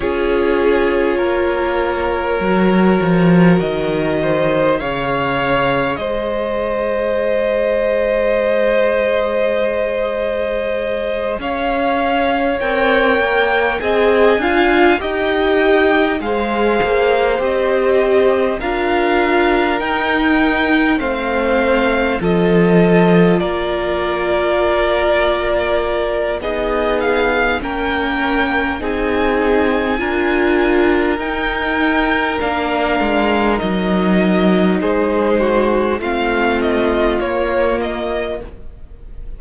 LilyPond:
<<
  \new Staff \with { instrumentName = "violin" } { \time 4/4 \tempo 4 = 50 cis''2. dis''4 | f''4 dis''2.~ | dis''4. f''4 g''4 gis''8~ | gis''8 g''4 f''4 dis''4 f''8~ |
f''8 g''4 f''4 dis''4 d''8~ | d''2 dis''8 f''8 g''4 | gis''2 g''4 f''4 | dis''4 c''4 f''8 dis''8 cis''8 dis''8 | }
  \new Staff \with { instrumentName = "violin" } { \time 4/4 gis'4 ais'2~ ais'8 c''8 | cis''4 c''2.~ | c''4. cis''2 dis''8 | f''8 dis''4 c''2 ais'8~ |
ais'4. c''4 a'4 ais'8~ | ais'2 gis'4 ais'4 | gis'4 ais'2.~ | ais'4 gis'8 fis'8 f'2 | }
  \new Staff \with { instrumentName = "viola" } { \time 4/4 f'2 fis'2 | gis'1~ | gis'2~ gis'8 ais'4 gis'8 | f'8 g'4 gis'4 g'4 f'8~ |
f'8 dis'4 c'4 f'4.~ | f'2 dis'4 cis'4 | dis'4 f'4 dis'4 d'4 | dis'2 c'4 ais4 | }
  \new Staff \with { instrumentName = "cello" } { \time 4/4 cis'4 ais4 fis8 f8 dis4 | cis4 gis2.~ | gis4. cis'4 c'8 ais8 c'8 | d'8 dis'4 gis8 ais8 c'4 d'8~ |
d'8 dis'4 a4 f4 ais8~ | ais2 b4 ais4 | c'4 d'4 dis'4 ais8 gis8 | fis4 gis4 a4 ais4 | }
>>